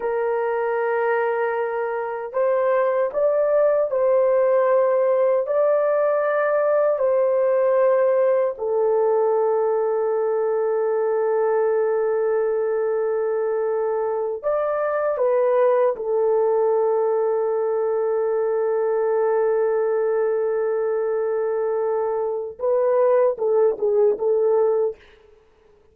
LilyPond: \new Staff \with { instrumentName = "horn" } { \time 4/4 \tempo 4 = 77 ais'2. c''4 | d''4 c''2 d''4~ | d''4 c''2 a'4~ | a'1~ |
a'2~ a'8 d''4 b'8~ | b'8 a'2.~ a'8~ | a'1~ | a'4 b'4 a'8 gis'8 a'4 | }